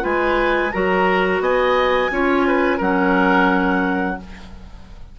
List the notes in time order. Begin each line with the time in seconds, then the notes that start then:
0.00 G#3 F4 B4 G#5
0.72 F#3 F#4 A#4 A#5
1.40 B3 D#5 G#5
2.10 C#4 F4 C#5
2.47 B4
2.77 F#3 C#4 A#4 F#5